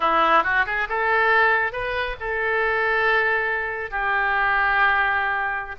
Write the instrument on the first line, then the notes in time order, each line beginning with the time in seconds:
oboe
0.00 E4
0.43 F#4
0.66 G#4
0.88 A4
1.72 B4
2.20 A4
3.90 G4